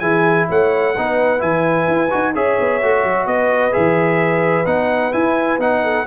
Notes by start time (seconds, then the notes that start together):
0.00 E3 E4 G#4 G#5
0.49 A3 C#5 F#5
0.96 B3 D#4 B4
1.39 E3 E4 G#5
1.88 E4
2.11 D#4 F#4
2.35 C#4 G#4 C#5 E5
2.60 B3
2.83 A3 F#4
3.04 F#3
3.26 B3 B4 D#5
3.72 E3 G#4 E5
4.66 B3 D#4 F#5
5.13 E4 G#5
5.59 B3 D#4 F#5
5.83 A4